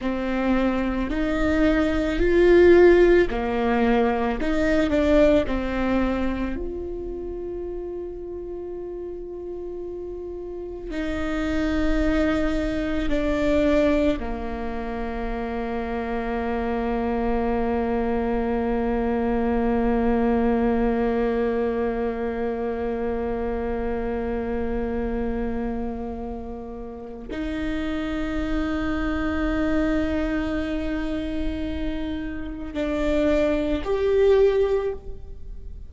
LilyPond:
\new Staff \with { instrumentName = "viola" } { \time 4/4 \tempo 4 = 55 c'4 dis'4 f'4 ais4 | dis'8 d'8 c'4 f'2~ | f'2 dis'2 | d'4 ais2.~ |
ais1~ | ais1~ | ais4 dis'2.~ | dis'2 d'4 g'4 | }